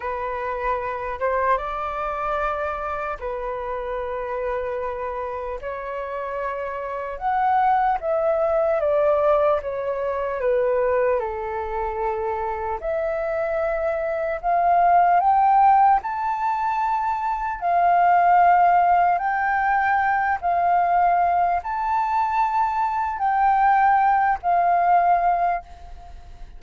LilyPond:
\new Staff \with { instrumentName = "flute" } { \time 4/4 \tempo 4 = 75 b'4. c''8 d''2 | b'2. cis''4~ | cis''4 fis''4 e''4 d''4 | cis''4 b'4 a'2 |
e''2 f''4 g''4 | a''2 f''2 | g''4. f''4. a''4~ | a''4 g''4. f''4. | }